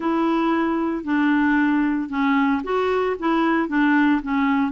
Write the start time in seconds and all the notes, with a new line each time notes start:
0.00 E4
1.04 D4
2.09 C#4
2.63 F#4
3.19 E4
3.68 D4
4.22 C#4